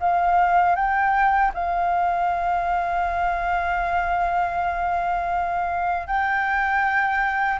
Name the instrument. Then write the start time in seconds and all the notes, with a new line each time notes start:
flute
0.00 F5
0.76 G5
1.54 F5
6.07 G5